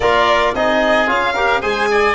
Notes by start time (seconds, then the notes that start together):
0.00 A#3 F4 A#4 D5
0.54 C4 D#4 G#4 D#5
1.07 C#4 F4 F5
1.34 G4 A#4
1.61 G#3 G#4 C5 G#5
1.91 D5